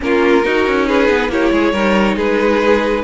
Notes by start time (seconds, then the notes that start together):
0.00 A#3 C#4 F4 A#4
0.43 D#4 F#4
0.66 C#4
0.87 G#4 B4
1.09 B3
1.28 A#3 E4 G4 C#5
1.51 G#3 G#4
1.72 G3 D#4 A#4
2.16 G#3 G#4 B4